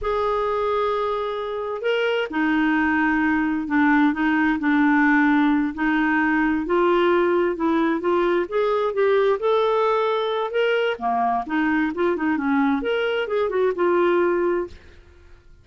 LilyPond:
\new Staff \with { instrumentName = "clarinet" } { \time 4/4 \tempo 4 = 131 gis'1 | ais'4 dis'2. | d'4 dis'4 d'2~ | d'8 dis'2 f'4.~ |
f'8 e'4 f'4 gis'4 g'8~ | g'8 a'2~ a'8 ais'4 | ais4 dis'4 f'8 dis'8 cis'4 | ais'4 gis'8 fis'8 f'2 | }